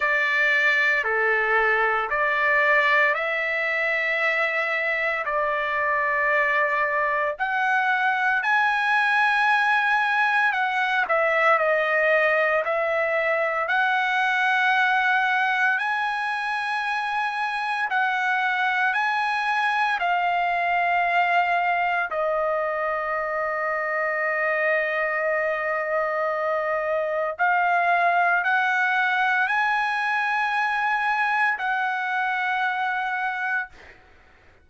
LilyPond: \new Staff \with { instrumentName = "trumpet" } { \time 4/4 \tempo 4 = 57 d''4 a'4 d''4 e''4~ | e''4 d''2 fis''4 | gis''2 fis''8 e''8 dis''4 | e''4 fis''2 gis''4~ |
gis''4 fis''4 gis''4 f''4~ | f''4 dis''2.~ | dis''2 f''4 fis''4 | gis''2 fis''2 | }